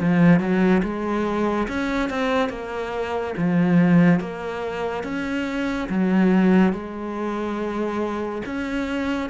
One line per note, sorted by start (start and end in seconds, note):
0.00 0.40 F3
0.40 0.82 F#3
0.83 1.68 G#3
1.68 2.10 C#4
2.10 2.50 C4
2.50 3.34 A#3
3.38 4.20 F3
4.20 5.04 A#3
5.04 5.88 C#4
5.90 6.73 F#3
6.73 8.42 G#3
8.46 9.30 C#4